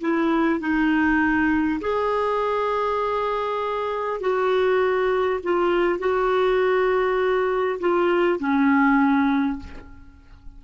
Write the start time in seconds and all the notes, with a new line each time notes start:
0.00 E4
0.60 D#4
1.81 G#4
4.20 F#4
5.43 F4
5.99 F#4
7.80 F4
8.39 C#4